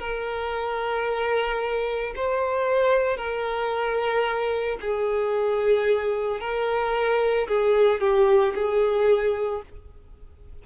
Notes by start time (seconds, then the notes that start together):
0.00 A#4
2.16 C5
3.18 A#4
4.81 G#4
6.40 A#4
7.48 G#4
8.01 G4
8.55 G#4